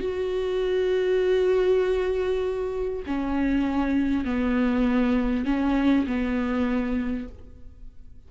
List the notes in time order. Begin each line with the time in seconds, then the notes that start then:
0.00 F#4
3.06 C#4
4.25 B3
5.45 C#4
6.07 B3